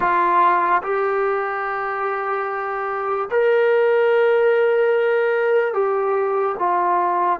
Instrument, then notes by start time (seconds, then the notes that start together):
trombone
0.00 F4
0.82 G4
3.30 A#4
5.73 G4
6.58 F4